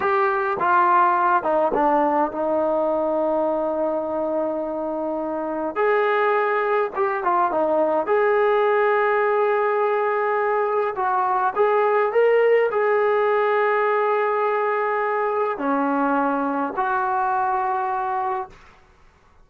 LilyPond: \new Staff \with { instrumentName = "trombone" } { \time 4/4 \tempo 4 = 104 g'4 f'4. dis'8 d'4 | dis'1~ | dis'2 gis'2 | g'8 f'8 dis'4 gis'2~ |
gis'2. fis'4 | gis'4 ais'4 gis'2~ | gis'2. cis'4~ | cis'4 fis'2. | }